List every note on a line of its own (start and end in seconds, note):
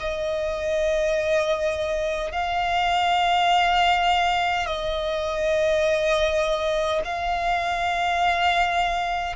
0.00 2.32 D#5
2.32 4.66 F5
4.66 7.02 D#5
7.05 9.36 F5